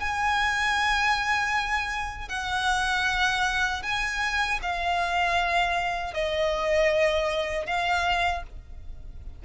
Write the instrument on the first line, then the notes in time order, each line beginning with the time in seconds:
violin
0.00 G#5
2.29 F#5
3.83 G#5
4.63 F5
6.14 D#5
7.66 F5